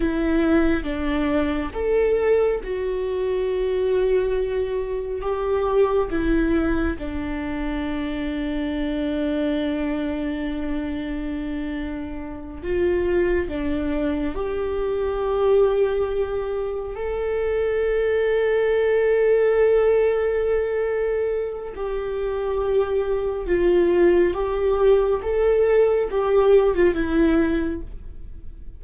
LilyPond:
\new Staff \with { instrumentName = "viola" } { \time 4/4 \tempo 4 = 69 e'4 d'4 a'4 fis'4~ | fis'2 g'4 e'4 | d'1~ | d'2~ d'8 f'4 d'8~ |
d'8 g'2. a'8~ | a'1~ | a'4 g'2 f'4 | g'4 a'4 g'8. f'16 e'4 | }